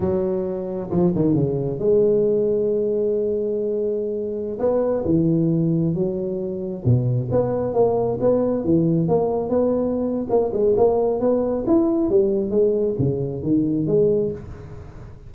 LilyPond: \new Staff \with { instrumentName = "tuba" } { \time 4/4 \tempo 4 = 134 fis2 f8 dis8 cis4 | gis1~ | gis2~ gis16 b4 e8.~ | e4~ e16 fis2 b,8.~ |
b,16 b4 ais4 b4 e8.~ | e16 ais4 b4.~ b16 ais8 gis8 | ais4 b4 e'4 g4 | gis4 cis4 dis4 gis4 | }